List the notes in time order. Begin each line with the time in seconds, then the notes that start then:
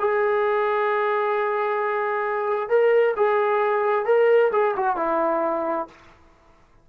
0.00 G#4
2.70 A#4
3.17 G#4
4.06 A#4
4.52 G#4
4.77 F#4
4.97 E4